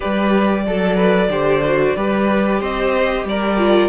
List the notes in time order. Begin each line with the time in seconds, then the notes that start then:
0.00 G3 G4 B4 D5
0.66 F#3 A4
0.96 B4
1.28 D3 G4 C5
1.65 F#4
1.96 G3 G4 B4
2.60 C4 C5 D#5
3.24 G3 A#4 D5
3.57 F4